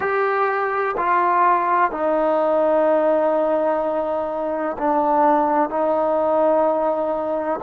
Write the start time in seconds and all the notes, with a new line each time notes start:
0.00 G4
0.97 F4
1.91 D#4
4.77 D4
5.69 D#4